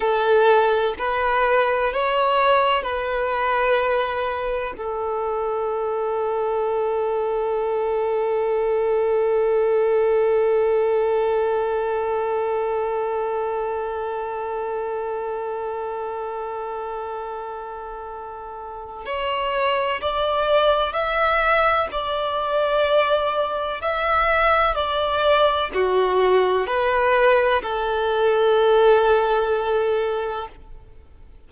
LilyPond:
\new Staff \with { instrumentName = "violin" } { \time 4/4 \tempo 4 = 63 a'4 b'4 cis''4 b'4~ | b'4 a'2.~ | a'1~ | a'1~ |
a'1 | cis''4 d''4 e''4 d''4~ | d''4 e''4 d''4 fis'4 | b'4 a'2. | }